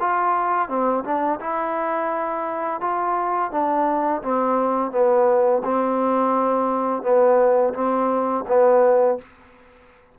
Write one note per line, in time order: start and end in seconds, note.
0.00 0.69 F4
0.69 1.04 C4
1.05 1.40 D4
1.41 2.81 E4
2.81 3.52 F4
3.52 4.23 D4
4.23 4.92 C4
4.92 5.62 B3
5.65 7.03 C4
7.03 7.74 B3
7.74 8.45 C4
8.48 9.19 B3